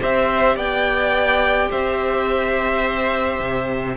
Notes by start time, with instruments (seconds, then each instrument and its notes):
0.00 cello C4, viola G4, violin C5 E5
0.55 cello B3, violin D5 G5
1.69 cello C4, violin C5 E5
3.40 cello C3